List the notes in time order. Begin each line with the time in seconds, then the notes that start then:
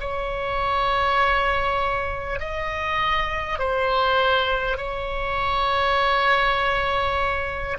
0.00 C#5
2.39 D#5
3.58 C5
4.77 C#5